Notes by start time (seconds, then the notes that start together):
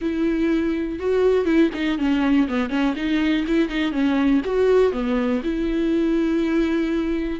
0.01 E4
0.99 F#4
1.45 E4
1.73 D#4
1.98 C#4
2.47 B3
2.69 C#4
2.96 D#4
3.47 E4
3.68 D#4
3.92 C#4
4.45 F#4
4.92 B3
5.43 E4